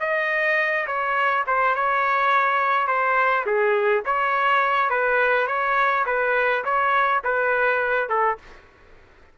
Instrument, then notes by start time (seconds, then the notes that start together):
trumpet
0.00 D#5
0.87 C#5
1.47 C5
1.75 C#5
2.87 C5
3.46 G#4
4.05 C#5
4.90 B4
5.47 C#5
6.06 B4
6.65 C#5
7.24 B4
8.09 A4